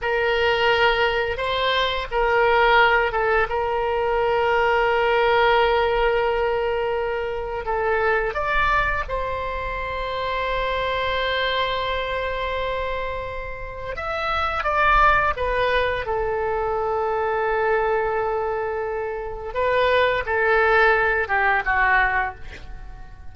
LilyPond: \new Staff \with { instrumentName = "oboe" } { \time 4/4 \tempo 4 = 86 ais'2 c''4 ais'4~ | ais'8 a'8 ais'2.~ | ais'2. a'4 | d''4 c''2.~ |
c''1 | e''4 d''4 b'4 a'4~ | a'1 | b'4 a'4. g'8 fis'4 | }